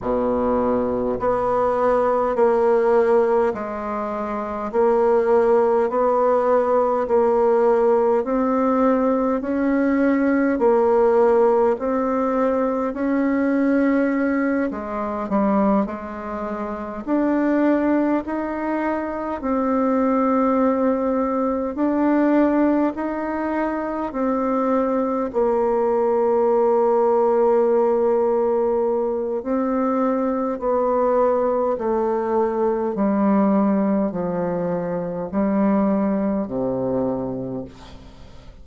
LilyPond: \new Staff \with { instrumentName = "bassoon" } { \time 4/4 \tempo 4 = 51 b,4 b4 ais4 gis4 | ais4 b4 ais4 c'4 | cis'4 ais4 c'4 cis'4~ | cis'8 gis8 g8 gis4 d'4 dis'8~ |
dis'8 c'2 d'4 dis'8~ | dis'8 c'4 ais2~ ais8~ | ais4 c'4 b4 a4 | g4 f4 g4 c4 | }